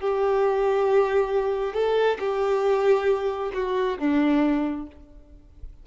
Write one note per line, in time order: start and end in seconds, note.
0.00 1.74 G4
1.74 2.18 A4
2.19 3.52 G4
3.54 3.98 F#4
3.98 4.87 D4